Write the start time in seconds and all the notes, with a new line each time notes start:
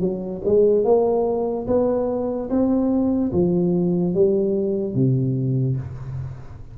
0.00 F#3
0.45 G#3
0.84 A#3
1.67 B3
2.50 C4
3.33 F3
4.14 G3
4.95 C3